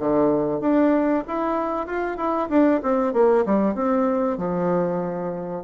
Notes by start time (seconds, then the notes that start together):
0.00 D3
0.61 D4
1.28 E4
1.87 F4
2.18 E4
2.50 D4
2.83 C4
3.14 A#3
3.46 G3
3.76 C4
4.38 F3